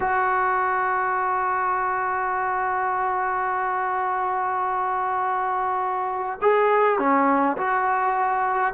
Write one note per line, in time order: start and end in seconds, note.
0.00 6.39 F#4
6.41 6.98 G#4
6.98 7.56 C#4
7.57 8.74 F#4